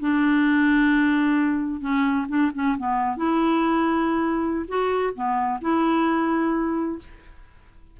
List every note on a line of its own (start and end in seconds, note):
0.00 1.81 D4
1.81 2.27 C#4
2.29 2.51 D4
2.55 2.78 C#4
2.78 3.17 B3
3.17 4.66 E4
4.68 5.14 F#4
5.15 5.61 B3
5.62 6.99 E4